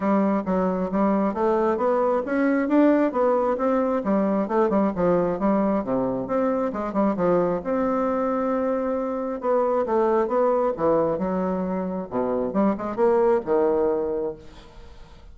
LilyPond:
\new Staff \with { instrumentName = "bassoon" } { \time 4/4 \tempo 4 = 134 g4 fis4 g4 a4 | b4 cis'4 d'4 b4 | c'4 g4 a8 g8 f4 | g4 c4 c'4 gis8 g8 |
f4 c'2.~ | c'4 b4 a4 b4 | e4 fis2 b,4 | g8 gis8 ais4 dis2 | }